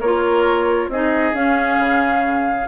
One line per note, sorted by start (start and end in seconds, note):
0.00 0.88 A#3
0.00 0.92 F4
0.00 0.89 A#4
0.00 0.89 C#5
0.88 1.33 C4
0.88 1.34 D#4
0.88 2.68 G#4
0.88 1.34 D#5
1.34 1.77 C#4
1.34 2.67 C#4
1.34 2.68 F5
1.77 2.66 C#3